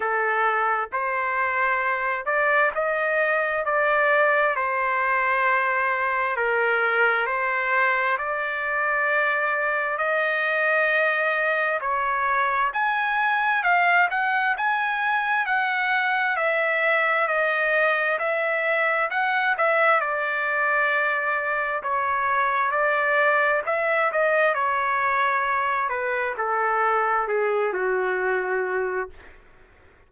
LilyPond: \new Staff \with { instrumentName = "trumpet" } { \time 4/4 \tempo 4 = 66 a'4 c''4. d''8 dis''4 | d''4 c''2 ais'4 | c''4 d''2 dis''4~ | dis''4 cis''4 gis''4 f''8 fis''8 |
gis''4 fis''4 e''4 dis''4 | e''4 fis''8 e''8 d''2 | cis''4 d''4 e''8 dis''8 cis''4~ | cis''8 b'8 a'4 gis'8 fis'4. | }